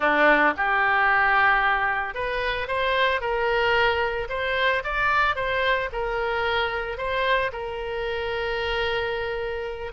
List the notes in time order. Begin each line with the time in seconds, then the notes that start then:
0.00 D4
0.56 G4
2.14 B4
2.67 C5
3.20 A#4
4.29 C5
4.84 D5
5.35 C5
5.92 A#4
6.97 C5
7.52 A#4